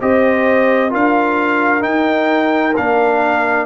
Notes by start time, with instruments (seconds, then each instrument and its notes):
0.00 tuba C4, trombone G4, horn C5, trumpet D#5
0.90 tuba D4, trombone F4, horn A#4, trumpet F5
1.81 trombone D#4, tuba D#4, trumpet G5
2.76 tuba A#3, trombone D4, trumpet F5